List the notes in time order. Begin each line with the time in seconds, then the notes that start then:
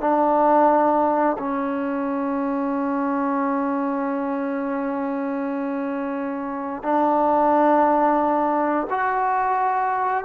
0.00 D4
1.38 C#4
6.82 D4
8.90 F#4